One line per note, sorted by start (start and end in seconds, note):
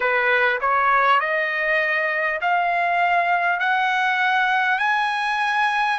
0.00 0.59 B4
0.61 1.20 C#5
1.20 2.40 D#5
2.41 3.59 F5
3.59 4.78 F#5
4.78 5.98 G#5